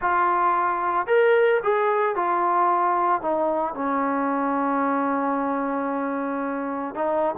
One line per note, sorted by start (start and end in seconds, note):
0.01 1.07 F4
1.07 1.60 A#4
1.63 2.15 G#4
2.15 3.21 F4
3.21 3.74 D#4
3.74 6.94 C#4
6.94 7.35 D#4